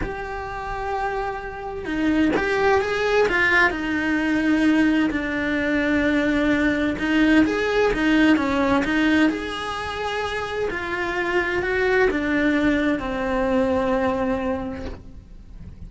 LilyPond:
\new Staff \with { instrumentName = "cello" } { \time 4/4 \tempo 4 = 129 g'1 | dis'4 g'4 gis'4 f'4 | dis'2. d'4~ | d'2. dis'4 |
gis'4 dis'4 cis'4 dis'4 | gis'2. f'4~ | f'4 fis'4 d'2 | c'1 | }